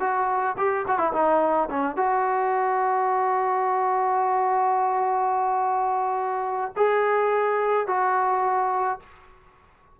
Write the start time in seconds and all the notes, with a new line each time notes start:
0.00 F#4
0.58 G4
0.88 F#4
0.98 E4
1.13 D#4
1.70 C#4
1.96 F#4
6.76 G#4
7.87 F#4